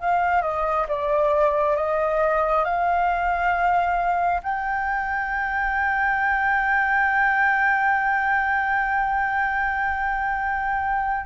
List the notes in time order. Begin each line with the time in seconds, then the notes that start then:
0.00 F5
0.42 D#5
0.89 D5
1.76 D#5
2.65 F5
4.43 G5